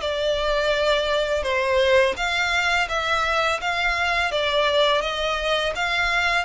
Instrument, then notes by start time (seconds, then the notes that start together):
violin
0.00 D5
1.43 C5
2.16 F5
2.88 E5
3.61 F5
4.31 D5
5.01 D#5
5.75 F5